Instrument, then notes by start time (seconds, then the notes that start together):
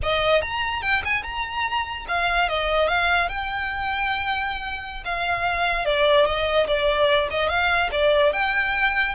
violin
0.02 D#5
0.41 A#5
0.82 G5
1.04 G#5
1.23 A#5
2.08 F5
2.48 D#5
2.88 F5
3.29 G5
5.04 F5
5.85 D5
6.25 D#5
6.67 D5
7.30 D#5
7.48 F5
7.91 D5
8.32 G5